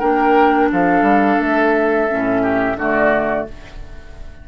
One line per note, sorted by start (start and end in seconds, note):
0.00 0.71 A#3
0.00 2.08 D4
0.00 0.69 A#4
0.00 0.70 G5
0.72 1.02 F3
0.72 2.43 A4
0.72 1.41 F5
1.02 1.37 G3
1.40 2.09 A3
1.40 2.79 E5
2.09 2.77 A2
2.09 2.78 C#4
2.43 2.77 G4
2.77 3.46 D3
2.77 3.49 A3
2.77 3.48 F#4
2.77 3.48 D5